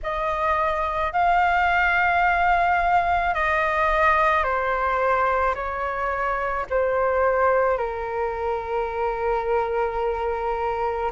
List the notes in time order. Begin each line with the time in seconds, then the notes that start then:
0.03 D#5
1.13 F5
3.34 D#5
4.43 C5
5.55 C#5
6.70 C5
7.77 A#4